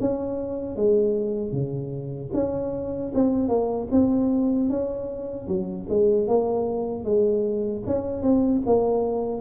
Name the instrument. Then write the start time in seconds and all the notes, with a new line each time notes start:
tuba
0.00 C#4
0.75 G#3
1.51 C#3
2.33 C#4
3.14 C4
3.48 A#3
3.91 C4
4.69 C#4
5.47 F#3
5.89 G#3
6.27 A#3
7.04 G#3
7.86 C#4
8.22 C4
8.66 A#3